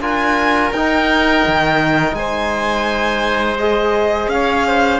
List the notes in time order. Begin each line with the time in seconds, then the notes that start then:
0.00 D4 F4 A#4 G#5
0.72 D#4 G5
1.47 D#3
2.12 G#3 C5 G#5
3.58 G#4 D#5
4.28 C#4 C#5 F5
4.67 C5